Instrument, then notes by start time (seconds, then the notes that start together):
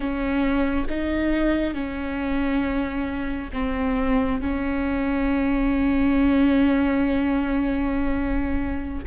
viola
0.00 C#4
0.89 D#4
1.74 C#4
3.53 C4
4.41 C#4